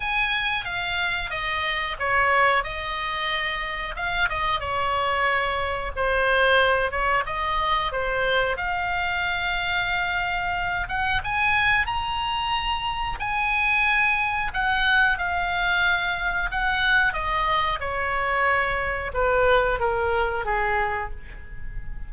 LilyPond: \new Staff \with { instrumentName = "oboe" } { \time 4/4 \tempo 4 = 91 gis''4 f''4 dis''4 cis''4 | dis''2 f''8 dis''8 cis''4~ | cis''4 c''4. cis''8 dis''4 | c''4 f''2.~ |
f''8 fis''8 gis''4 ais''2 | gis''2 fis''4 f''4~ | f''4 fis''4 dis''4 cis''4~ | cis''4 b'4 ais'4 gis'4 | }